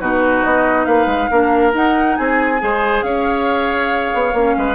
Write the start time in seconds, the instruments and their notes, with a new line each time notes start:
0.00 bassoon B2, clarinet D#4, oboe F#4, flute B4
0.44 bassoon B3, flute D#5
0.85 bassoon A#3, oboe B4, flute F5
1.06 bassoon G#3
1.31 bassoon A#3, clarinet D4, oboe A#4
1.72 clarinet D#4, bassoon D#4, flute F#5
2.16 bassoon C4, oboe G#4, flute G#5
2.59 bassoon G#3, clarinet G#4, oboe C5
3.03 bassoon C#4, oboe C#5, flute F5
4.14 bassoon B3
4.33 bassoon A#3, clarinet C#4
4.57 bassoon G#3, oboe B4